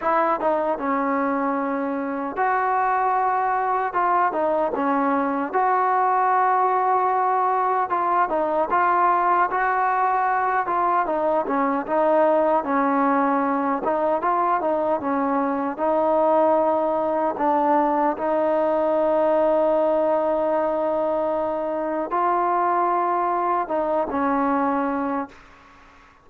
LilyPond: \new Staff \with { instrumentName = "trombone" } { \time 4/4 \tempo 4 = 76 e'8 dis'8 cis'2 fis'4~ | fis'4 f'8 dis'8 cis'4 fis'4~ | fis'2 f'8 dis'8 f'4 | fis'4. f'8 dis'8 cis'8 dis'4 |
cis'4. dis'8 f'8 dis'8 cis'4 | dis'2 d'4 dis'4~ | dis'1 | f'2 dis'8 cis'4. | }